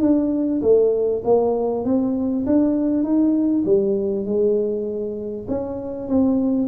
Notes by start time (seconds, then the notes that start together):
0.00 D4
0.61 A3
1.24 A#3
1.84 C4
2.45 D4
3.03 D#4
3.65 G3
4.25 G#3
5.48 C#4
6.07 C4